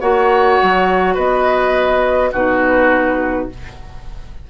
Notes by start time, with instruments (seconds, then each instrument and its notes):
0.00 bassoon A#3, clarinet F#4, oboe C#5, flute F#5
0.62 bassoon F#3
1.14 bassoon B3, oboe B4, flute D#5
2.32 bassoon B2, clarinet D#4, oboe F#4, flute B4